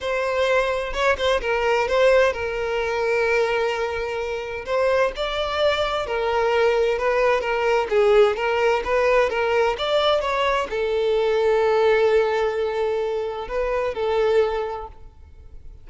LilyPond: \new Staff \with { instrumentName = "violin" } { \time 4/4 \tempo 4 = 129 c''2 cis''8 c''8 ais'4 | c''4 ais'2.~ | ais'2 c''4 d''4~ | d''4 ais'2 b'4 |
ais'4 gis'4 ais'4 b'4 | ais'4 d''4 cis''4 a'4~ | a'1~ | a'4 b'4 a'2 | }